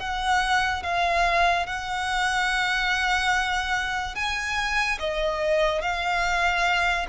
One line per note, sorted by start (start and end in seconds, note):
0.00 0.83 F#5
0.83 1.67 F5
1.67 4.15 F#5
4.15 4.98 G#5
4.99 5.82 D#5
5.82 7.07 F5